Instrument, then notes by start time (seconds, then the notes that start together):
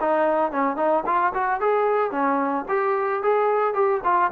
trombone
0.00 D#4
0.51 C#4
0.76 D#4
1.06 F4
1.34 F#4
1.60 G#4
2.11 C#4
2.68 G4
3.22 G#4
3.74 G4
4.04 F4